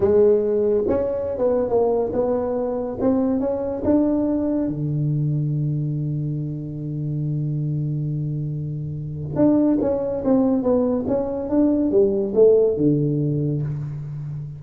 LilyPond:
\new Staff \with { instrumentName = "tuba" } { \time 4/4 \tempo 4 = 141 gis2 cis'4~ cis'16 b8. | ais4 b2 c'4 | cis'4 d'2 d4~ | d1~ |
d1~ | d2 d'4 cis'4 | c'4 b4 cis'4 d'4 | g4 a4 d2 | }